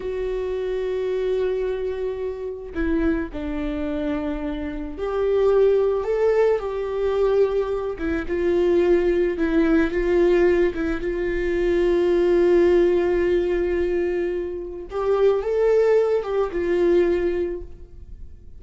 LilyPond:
\new Staff \with { instrumentName = "viola" } { \time 4/4 \tempo 4 = 109 fis'1~ | fis'4 e'4 d'2~ | d'4 g'2 a'4 | g'2~ g'8 e'8 f'4~ |
f'4 e'4 f'4. e'8 | f'1~ | f'2. g'4 | a'4. g'8 f'2 | }